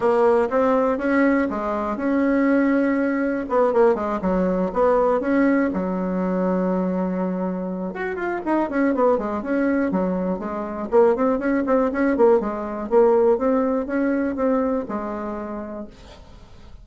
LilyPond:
\new Staff \with { instrumentName = "bassoon" } { \time 4/4 \tempo 4 = 121 ais4 c'4 cis'4 gis4 | cis'2. b8 ais8 | gis8 fis4 b4 cis'4 fis8~ | fis1 |
fis'8 f'8 dis'8 cis'8 b8 gis8 cis'4 | fis4 gis4 ais8 c'8 cis'8 c'8 | cis'8 ais8 gis4 ais4 c'4 | cis'4 c'4 gis2 | }